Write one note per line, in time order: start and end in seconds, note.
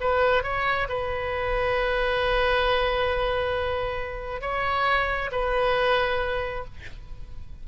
0.00 0.43 B4
0.43 0.87 C#5
0.88 4.41 B4
4.41 5.30 C#5
5.31 6.64 B4